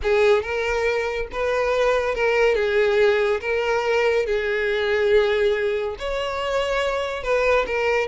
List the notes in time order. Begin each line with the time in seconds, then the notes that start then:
0.02 G#4
0.42 A#4
1.32 B4
2.15 A#4
2.55 G#4
3.40 A#4
4.26 G#4
5.99 C#5
7.23 B4
7.66 A#4